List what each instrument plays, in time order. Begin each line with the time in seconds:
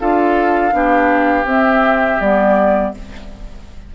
0.00 bassoon D4, clarinet F4, oboe A4, flute F5
0.71 bassoon B3, clarinet D4, oboe G4
1.44 bassoon C4, clarinet C4, flute E5
2.20 bassoon G3, clarinet B3, flute D5